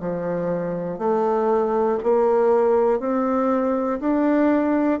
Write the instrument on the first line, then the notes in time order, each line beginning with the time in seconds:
bassoon
0.00 F3
0.98 A3
2.03 A#3
3.00 C4
4.00 D4